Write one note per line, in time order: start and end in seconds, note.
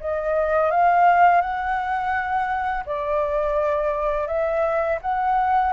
0.00 0.71 D#5
0.71 1.41 F5
1.41 2.84 F#5
2.85 4.27 D5
4.27 4.98 E5
5.01 5.72 F#5